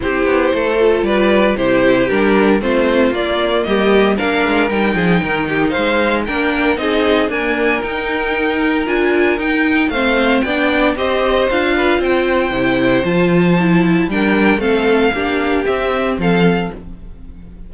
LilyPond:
<<
  \new Staff \with { instrumentName = "violin" } { \time 4/4 \tempo 4 = 115 c''2 d''4 c''4 | ais'4 c''4 d''4 dis''4 | f''4 g''2 f''4 | g''4 dis''4 gis''4 g''4~ |
g''4 gis''4 g''4 f''4 | g''4 dis''4 f''4 g''4~ | g''4 a''2 g''4 | f''2 e''4 f''4 | }
  \new Staff \with { instrumentName = "violin" } { \time 4/4 g'4 a'4 b'4 g'4~ | g'4 f'2 g'4 | ais'4. gis'8 ais'8 g'8 c''4 | ais'4 gis'4 ais'2~ |
ais'2. c''4 | d''4 c''4. b'8 c''4~ | c''2. ais'4 | a'4 g'2 a'4 | }
  \new Staff \with { instrumentName = "viola" } { \time 4/4 e'4. f'4. e'4 | d'4 c'4 ais2 | d'4 dis'2. | d'4 dis'4 ais4 dis'4~ |
dis'4 f'4 dis'4 c'4 | d'4 g'4 f'2 | e'4 f'4 e'4 d'4 | c'4 d'4 c'2 | }
  \new Staff \with { instrumentName = "cello" } { \time 4/4 c'8 b8 a4 g4 c4 | g4 a4 ais4 g4 | ais8 gis8 g8 f8 dis4 gis4 | ais4 c'4 d'4 dis'4~ |
dis'4 d'4 dis'4 a4 | b4 c'4 d'4 c'4 | c4 f2 g4 | a4 ais4 c'4 f4 | }
>>